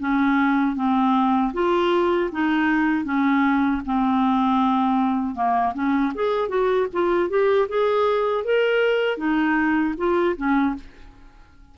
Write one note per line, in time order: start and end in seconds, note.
0.00 0.76 C#4
0.76 1.53 C4
1.54 2.31 F4
2.32 3.05 D#4
3.05 3.82 C#4
3.86 5.35 C4
5.35 5.74 A#3
5.74 6.13 C#4
6.15 6.49 G#4
6.49 6.87 F#4
6.93 7.30 F4
7.30 7.68 G4
7.69 8.44 G#4
8.44 9.18 A#4
9.18 9.95 D#4
9.98 10.36 F4
10.37 10.75 C#4